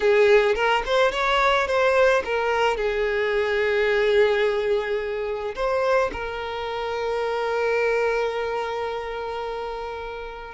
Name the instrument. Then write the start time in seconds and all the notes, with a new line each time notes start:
violin
0.00 G#4
0.55 A#4
0.85 C5
1.11 C#5
1.67 C5
2.24 A#4
2.77 G#4
5.55 C5
6.12 A#4